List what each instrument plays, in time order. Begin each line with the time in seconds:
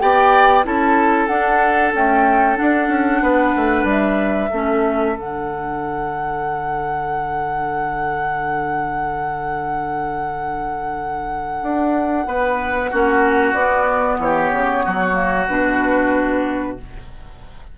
0.00 bassoon B3, clarinet G4, oboe D5, flute G5
0.63 bassoon C#4, clarinet E4, oboe A4, flute A5
1.27 bassoon D4, clarinet D4, flute F#5
1.93 clarinet A3, bassoon C#4, flute G5
2.56 clarinet D4, bassoon D4, flute F#5
2.88 bassoon C#4
3.22 bassoon B3, oboe B4
3.56 bassoon A3
3.83 bassoon G3
3.90 flute E5
4.50 bassoon A3, clarinet C#4, oboe A4
5.16 bassoon D3, clarinet D4, flute F#5
11.62 bassoon D4
12.26 bassoon B3, oboe B4
12.90 bassoon A#3, clarinet C#4, oboe F#4
13.53 bassoon B3, clarinet B3, flute D5
14.19 bassoon E3, oboe G4, flute C#5
14.52 bassoon C#3
14.84 bassoon F#3, oboe F#4
15.13 clarinet A#3
15.48 bassoon B2, clarinet D4, flute B4